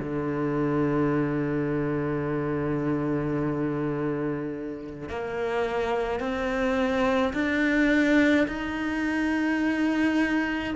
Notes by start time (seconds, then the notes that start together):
0.00 D3
5.09 A#3
6.20 C4
7.34 D4
8.48 D#4